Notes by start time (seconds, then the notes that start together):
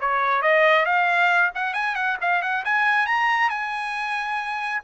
0.00 C#5
0.41 D#5
0.85 F5
1.54 F#5
1.73 G#5
1.95 F#5
2.21 F5
2.42 F#5
2.65 G#5
3.06 A#5
3.49 G#5